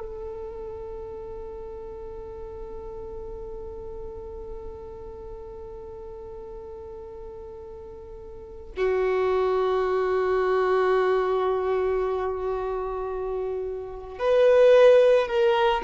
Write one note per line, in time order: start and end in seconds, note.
0.00 8.73 A4
8.77 14.19 F#4
14.19 15.28 B4
15.28 15.83 A#4